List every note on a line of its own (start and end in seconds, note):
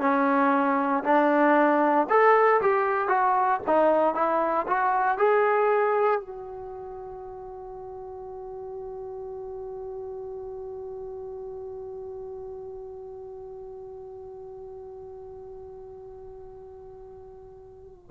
0.00 1.03 C#4
1.03 2.07 D4
2.09 2.61 A4
2.61 3.08 G4
3.08 3.60 F#4
3.67 4.14 D#4
4.14 4.66 E4
4.67 5.18 F#4
5.18 6.21 G#4
6.21 18.10 F#4